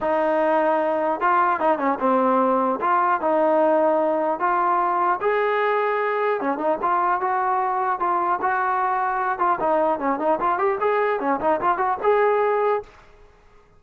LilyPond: \new Staff \with { instrumentName = "trombone" } { \time 4/4 \tempo 4 = 150 dis'2. f'4 | dis'8 cis'8 c'2 f'4 | dis'2. f'4~ | f'4 gis'2. |
cis'8 dis'8 f'4 fis'2 | f'4 fis'2~ fis'8 f'8 | dis'4 cis'8 dis'8 f'8 g'8 gis'4 | cis'8 dis'8 f'8 fis'8 gis'2 | }